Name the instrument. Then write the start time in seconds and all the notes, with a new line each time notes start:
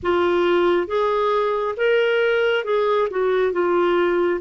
clarinet
0.02 F4
0.87 G#4
1.76 A#4
2.64 G#4
3.10 F#4
3.52 F4